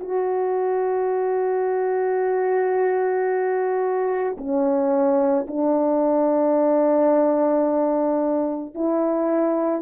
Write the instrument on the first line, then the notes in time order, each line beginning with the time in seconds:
horn
0.00 F#4
4.38 C#4
5.48 D4
8.75 E4